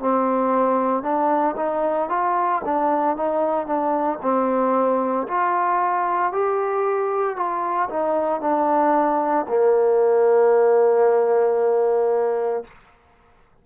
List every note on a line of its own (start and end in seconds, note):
0.00 1.03 C4
1.03 1.56 D4
1.57 2.10 D#4
2.10 2.62 F4
2.65 3.17 D4
3.17 3.67 D#4
3.67 4.19 D4
4.22 5.27 C4
5.28 6.33 F4
6.33 7.37 G4
7.37 7.89 F4
7.90 8.41 D#4
8.41 9.46 D4
9.49 12.65 A#3